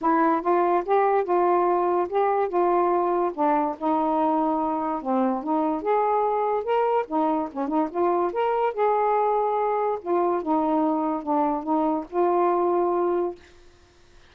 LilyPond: \new Staff \with { instrumentName = "saxophone" } { \time 4/4 \tempo 4 = 144 e'4 f'4 g'4 f'4~ | f'4 g'4 f'2 | d'4 dis'2. | c'4 dis'4 gis'2 |
ais'4 dis'4 cis'8 dis'8 f'4 | ais'4 gis'2. | f'4 dis'2 d'4 | dis'4 f'2. | }